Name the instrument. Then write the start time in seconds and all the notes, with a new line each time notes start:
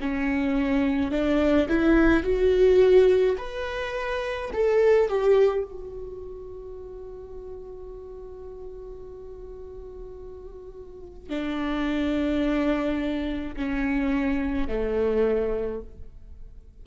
viola
0.00 C#4
1.11 D4
1.68 E4
2.23 F#4
3.38 B4
4.53 A4
5.08 G4
5.64 F#4
11.29 D4
13.56 C#4
14.68 A3